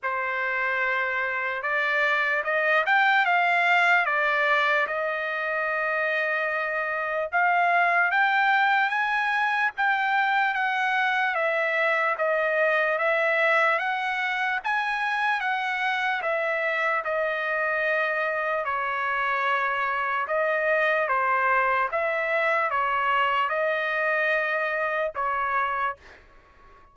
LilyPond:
\new Staff \with { instrumentName = "trumpet" } { \time 4/4 \tempo 4 = 74 c''2 d''4 dis''8 g''8 | f''4 d''4 dis''2~ | dis''4 f''4 g''4 gis''4 | g''4 fis''4 e''4 dis''4 |
e''4 fis''4 gis''4 fis''4 | e''4 dis''2 cis''4~ | cis''4 dis''4 c''4 e''4 | cis''4 dis''2 cis''4 | }